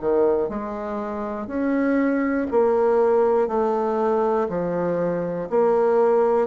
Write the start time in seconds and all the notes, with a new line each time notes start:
0.00 D#3
0.49 G#3
1.47 C#4
2.50 A#3
3.48 A3
4.49 F3
5.49 A#3